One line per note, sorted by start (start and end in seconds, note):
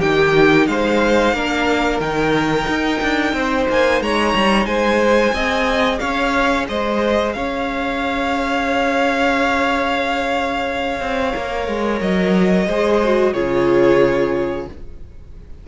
0.00 0.68 D#3
0.00 1.36 D#4
0.00 0.67 G4
0.00 0.67 G5
0.67 1.33 G#3
0.67 1.36 C5
0.67 2.00 F5
1.33 2.00 A#3
1.33 2.02 D4
1.33 3.36 A#4
2.00 2.67 D#3
2.00 5.35 D#4
2.00 3.67 G5
2.68 3.01 D#4
3.02 3.34 D4
3.34 3.67 C4
3.34 4.03 C5
3.69 4.01 A#3
3.69 4.02 G#5
4.01 4.35 G#3
4.01 4.68 C#5
4.01 4.66 A#5
4.35 4.66 G3
4.66 5.33 G#3
4.66 5.34 C5
4.66 5.99 G#5
5.33 6.00 C4
5.33 11.33 G#4
5.33 6.00 D#5
5.99 6.69 C#4
5.99 6.67 C#5
5.99 6.66 F5
6.69 7.36 G#3
6.69 7.36 C5
6.69 7.33 D#5
7.33 11.01 C#4
7.33 12.68 C#5
7.33 12.00 F5
11.01 11.34 C4
11.33 11.68 A#3
11.33 12.67 A#4
11.68 12.01 G#3
12.01 12.67 F#3
12.01 13.34 D#5
12.67 13.34 G#3
12.67 13.03 G#4
12.67 13.34 C5
13.04 13.35 F#4
13.34 14.68 C#3
13.34 14.68 F4
13.34 14.67 G#4
13.34 14.67 C#5